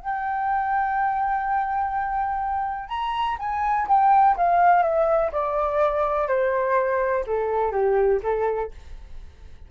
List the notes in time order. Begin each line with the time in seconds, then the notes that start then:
0.00 G5
2.89 A#5
3.39 G#5
3.88 G5
4.37 F5
4.83 E5
5.32 D5
6.28 C5
7.27 A4
7.72 G4
8.23 A4